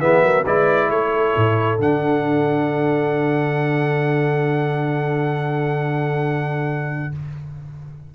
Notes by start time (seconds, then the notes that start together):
0.00 E3 B3 G#4 E5
0.22 F#3 A#4
0.43 G#3 E4 B4 D5
0.90 A3 A4 C#5
1.36 A2
1.79 D3 D4 F#5